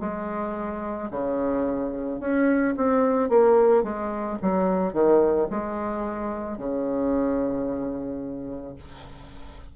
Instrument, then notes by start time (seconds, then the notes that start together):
bassoon
0.00 G#3
1.11 C#3
2.20 C#4
2.77 C4
3.29 A#3
3.83 G#3
4.42 F#3
4.93 D#3
5.50 G#3
6.58 C#3